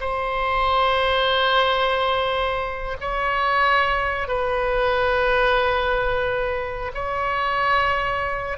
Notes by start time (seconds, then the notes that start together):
0.00 C5
3.00 C#5
4.27 B4
6.94 C#5